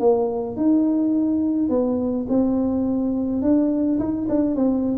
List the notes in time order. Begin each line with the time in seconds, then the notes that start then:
0.00 A#3
0.57 D#4
1.70 B3
2.29 C4
3.42 D4
3.99 D#4
4.29 D4
4.56 C4